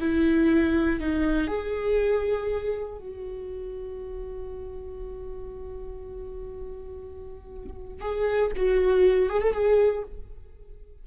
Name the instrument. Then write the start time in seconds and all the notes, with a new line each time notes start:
viola
0.00 E4
1.00 D#4
1.48 G#4
2.99 F#4
8.01 G#4
8.56 F#4
9.30 G#4
9.42 A4
9.53 G#4